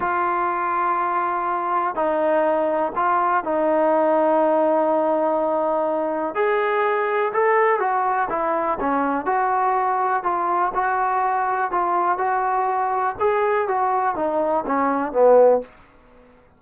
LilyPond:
\new Staff \with { instrumentName = "trombone" } { \time 4/4 \tempo 4 = 123 f'1 | dis'2 f'4 dis'4~ | dis'1~ | dis'4 gis'2 a'4 |
fis'4 e'4 cis'4 fis'4~ | fis'4 f'4 fis'2 | f'4 fis'2 gis'4 | fis'4 dis'4 cis'4 b4 | }